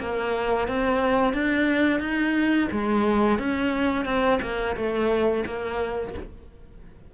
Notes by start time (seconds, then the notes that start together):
0.00 A#3
0.68 C4
1.34 D4
2.00 D#4
2.71 G#3
3.39 C#4
4.05 C4
4.42 A#3
4.76 A3
5.46 A#3